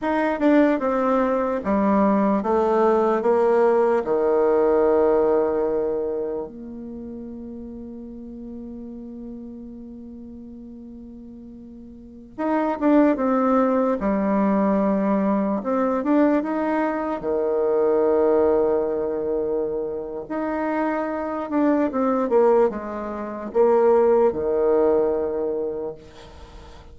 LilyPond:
\new Staff \with { instrumentName = "bassoon" } { \time 4/4 \tempo 4 = 74 dis'8 d'8 c'4 g4 a4 | ais4 dis2. | ais1~ | ais2.~ ais16 dis'8 d'16~ |
d'16 c'4 g2 c'8 d'16~ | d'16 dis'4 dis2~ dis8.~ | dis4 dis'4. d'8 c'8 ais8 | gis4 ais4 dis2 | }